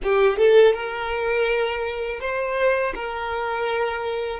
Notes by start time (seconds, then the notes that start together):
0.03 G4
0.37 A4
0.73 A#4
2.20 C5
2.94 A#4